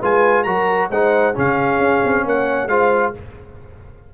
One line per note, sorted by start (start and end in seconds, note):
0.00 0.46 G#3
0.00 0.46 F4
0.00 0.45 B4
0.00 0.44 G#5
0.44 0.91 F#3
0.44 0.91 F#4
0.44 0.90 A#4
0.44 0.89 A#5
0.91 1.35 G#3
0.91 1.34 D#4
0.91 1.35 C5
0.91 1.36 F#5
1.34 1.79 C#3
1.34 2.69 C#4
1.34 2.25 G#4
1.34 2.28 F5
1.79 2.01 C#4
2.05 2.25 C4
2.25 2.67 A#3
2.25 2.69 C#5
2.25 2.68 F#5
2.67 3.12 G#3
2.67 3.14 F4
2.67 3.14 C5
2.67 3.13 F5